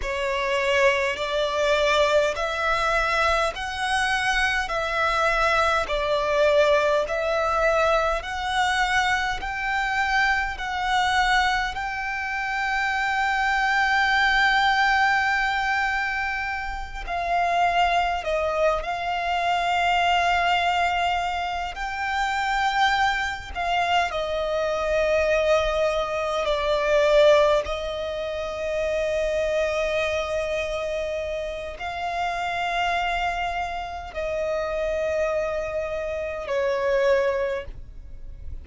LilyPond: \new Staff \with { instrumentName = "violin" } { \time 4/4 \tempo 4 = 51 cis''4 d''4 e''4 fis''4 | e''4 d''4 e''4 fis''4 | g''4 fis''4 g''2~ | g''2~ g''8 f''4 dis''8 |
f''2~ f''8 g''4. | f''8 dis''2 d''4 dis''8~ | dis''2. f''4~ | f''4 dis''2 cis''4 | }